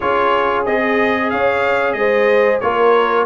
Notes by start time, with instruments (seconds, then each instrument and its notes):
0.00 tuba C#4, trombone F4, horn G#4, trumpet C#5
0.65 tuba C4, trombone G#4, trumpet D#5
1.30 tuba C#4, horn C#5, trumpet F5
1.92 tuba G#3, horn C5, trumpet D#5
2.60 tuba A#3, trombone F4, horn A#4, trumpet C#5